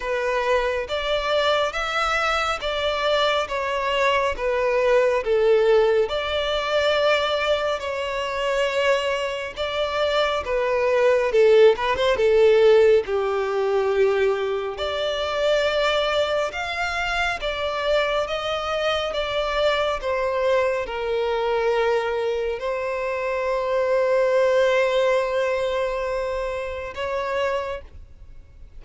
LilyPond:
\new Staff \with { instrumentName = "violin" } { \time 4/4 \tempo 4 = 69 b'4 d''4 e''4 d''4 | cis''4 b'4 a'4 d''4~ | d''4 cis''2 d''4 | b'4 a'8 b'16 c''16 a'4 g'4~ |
g'4 d''2 f''4 | d''4 dis''4 d''4 c''4 | ais'2 c''2~ | c''2. cis''4 | }